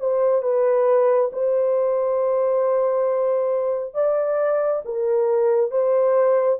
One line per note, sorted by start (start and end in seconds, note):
0.00 0.43 C5
0.43 1.31 B4
1.33 3.94 C5
3.94 4.82 D5
4.85 5.71 A#4
5.71 6.59 C5